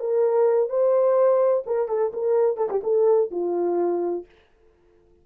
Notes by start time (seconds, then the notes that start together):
0.00 A#4
0.69 C5
1.66 A#4
1.88 A4
2.13 A#4
2.57 A4
2.70 G4
2.83 A4
3.31 F4